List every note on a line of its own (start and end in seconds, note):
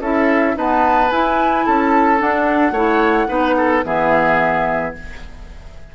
0.00 0.55 C#4
0.00 0.57 E4
0.00 0.55 A4
0.00 0.57 E5
0.55 1.12 B3
0.55 1.10 D#4
0.55 1.66 B4
0.55 1.11 A5
1.11 1.66 E4
1.11 2.18 E4
1.11 1.66 G#5
1.66 2.21 C#4
1.66 2.73 A4
1.66 2.20 A5
2.18 2.73 D4
2.18 2.71 D4
2.18 3.84 F#5
2.71 3.26 A3
2.71 3.28 E4
2.71 3.27 C#5
3.28 3.84 B3
3.28 3.83 D#4
3.28 3.56 B4
3.57 3.85 A4
3.85 4.94 E3
3.85 4.94 B3
3.85 4.95 G#4
3.85 4.95 E5